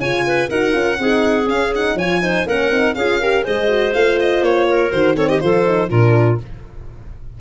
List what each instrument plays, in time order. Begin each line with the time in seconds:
0.00 tuba C#3, horn F4, clarinet C#5, violin G#5
0.27 clarinet B4
0.49 tuba D#4, horn F#4, clarinet A#4, violin F#5
0.72 tuba C#4, horn F4
0.99 tuba C4, horn D#4, clarinet G#4
1.44 horn C#4, tuba C#4, violin F5
1.75 horn D#4, violin F#5
1.95 tuba F3, horn F4, clarinet C#5, violin G#5
2.22 horn D#4, clarinet C5
2.46 tuba A#3, horn C#4, clarinet A#4, violin F#5
2.70 tuba C4, horn D#4
2.95 tuba C#4, horn F4, clarinet G#4, violin F5
3.20 horn G4, clarinet A#4
3.43 tuba G#3, horn G#4, clarinet C5, violin D#5
3.69 horn F#4
3.94 tuba A3, horn F4, violin F5
4.20 violin D#5
4.42 tuba A#3, violin C#5
4.68 clarinet A#4
4.91 tuba D#3, horn F#4, violin C5
5.16 horn C4, clarinet A4, violin C#5
5.29 clarinet G4, violin D#5
5.40 tuba F3, horn F4, clarinet A4, violin C5
5.65 horn D#4
5.89 tuba A#2, horn D4, clarinet F4, violin A#4